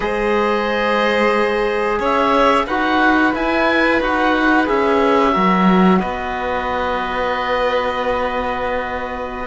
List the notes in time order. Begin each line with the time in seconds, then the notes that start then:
0.00 G#3 G#4 C5 D#5
1.99 C#4 C#5 E5
2.66 D#4 F#4 B4 F#5
3.33 E4 G#5
3.99 D#4 F#4 F#5
4.65 C#4 G#4 E5
5.31 F#3 F#4 A#4
5.99 B3 B4 D#5